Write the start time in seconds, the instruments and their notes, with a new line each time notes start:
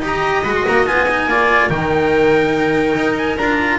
0.00 double bass D#4, cello G4, viola D#5
0.06 trumpet A#5
0.43 double bass G#3, cello F#4, trumpet B5
0.55 trumpet C6
0.67 double bass A#3, trumpet A#5
0.86 double bass B3, cello F4, trumpet G#5
1.09 cello D#4
1.27 double bass A#3, cello F4, viola D5
1.69 double bass D#3, cello D#4, viola A#4, trumpet G5
2.95 double bass D#4
3.17 trumpet G#5
3.37 double bass D4, cello F4, trumpet A#5